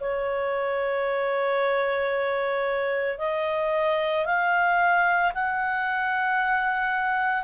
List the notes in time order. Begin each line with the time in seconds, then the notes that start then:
0.00 C#5
3.18 D#5
4.25 F5
5.34 F#5